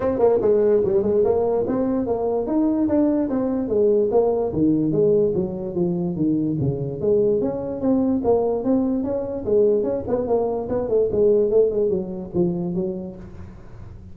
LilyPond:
\new Staff \with { instrumentName = "tuba" } { \time 4/4 \tempo 4 = 146 c'8 ais8 gis4 g8 gis8 ais4 | c'4 ais4 dis'4 d'4 | c'4 gis4 ais4 dis4 | gis4 fis4 f4 dis4 |
cis4 gis4 cis'4 c'4 | ais4 c'4 cis'4 gis4 | cis'8 b8 ais4 b8 a8 gis4 | a8 gis8 fis4 f4 fis4 | }